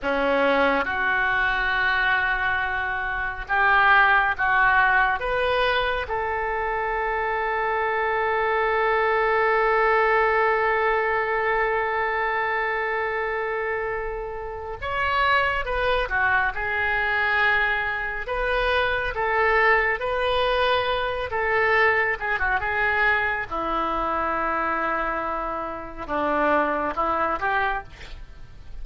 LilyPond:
\new Staff \with { instrumentName = "oboe" } { \time 4/4 \tempo 4 = 69 cis'4 fis'2. | g'4 fis'4 b'4 a'4~ | a'1~ | a'1~ |
a'4 cis''4 b'8 fis'8 gis'4~ | gis'4 b'4 a'4 b'4~ | b'8 a'4 gis'16 fis'16 gis'4 e'4~ | e'2 d'4 e'8 g'8 | }